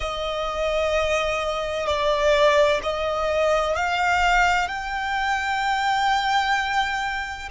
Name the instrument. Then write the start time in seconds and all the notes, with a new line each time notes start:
violin
0.00 D#5
1.86 D5
2.83 D#5
3.75 F5
4.67 G5